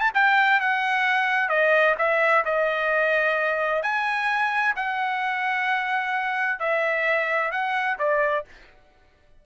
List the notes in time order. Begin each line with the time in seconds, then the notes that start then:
0.00 A5
0.14 G5
0.60 F#5
1.49 D#5
1.98 E5
2.45 D#5
3.83 G#5
4.76 F#5
6.59 E5
7.51 F#5
7.99 D5